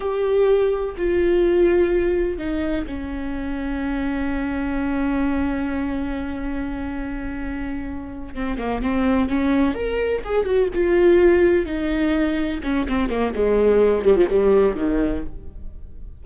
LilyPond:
\new Staff \with { instrumentName = "viola" } { \time 4/4 \tempo 4 = 126 g'2 f'2~ | f'4 dis'4 cis'2~ | cis'1~ | cis'1~ |
cis'4. c'8 ais8 c'4 cis'8~ | cis'8 ais'4 gis'8 fis'8 f'4.~ | f'8 dis'2 cis'8 c'8 ais8 | gis4. g16 f16 g4 dis4 | }